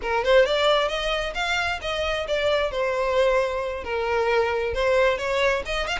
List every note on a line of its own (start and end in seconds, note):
0.01 0.24 A#4
0.24 0.45 C5
0.45 0.88 D5
0.88 1.33 D#5
1.34 1.79 F5
1.81 2.27 D#5
2.27 2.71 D5
2.71 3.83 C5
3.84 4.73 A#4
4.73 5.18 C5
5.18 5.63 C#5
5.65 5.87 D#5
5.87 5.98 F5